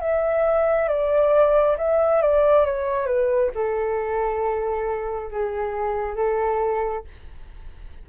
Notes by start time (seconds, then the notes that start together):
0.00 E5
0.88 D5
1.77 E5
2.21 D5
2.65 C#5
3.06 B4
3.55 A4
5.31 G#4
6.16 A4